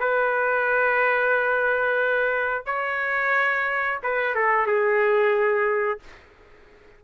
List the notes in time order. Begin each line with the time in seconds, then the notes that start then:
0.00 B4
2.66 C#5
4.03 B4
4.35 A4
4.67 G#4